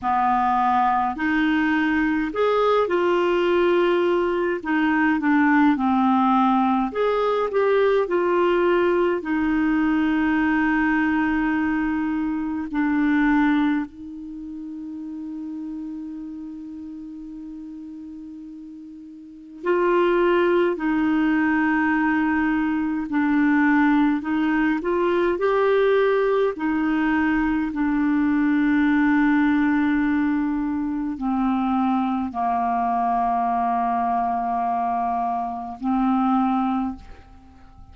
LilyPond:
\new Staff \with { instrumentName = "clarinet" } { \time 4/4 \tempo 4 = 52 b4 dis'4 gis'8 f'4. | dis'8 d'8 c'4 gis'8 g'8 f'4 | dis'2. d'4 | dis'1~ |
dis'4 f'4 dis'2 | d'4 dis'8 f'8 g'4 dis'4 | d'2. c'4 | ais2. c'4 | }